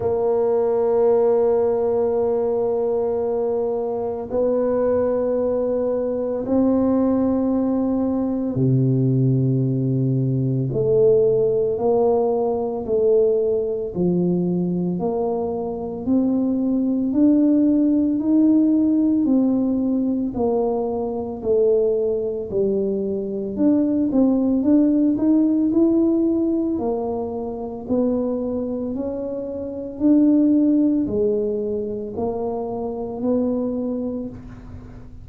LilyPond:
\new Staff \with { instrumentName = "tuba" } { \time 4/4 \tempo 4 = 56 ais1 | b2 c'2 | c2 a4 ais4 | a4 f4 ais4 c'4 |
d'4 dis'4 c'4 ais4 | a4 g4 d'8 c'8 d'8 dis'8 | e'4 ais4 b4 cis'4 | d'4 gis4 ais4 b4 | }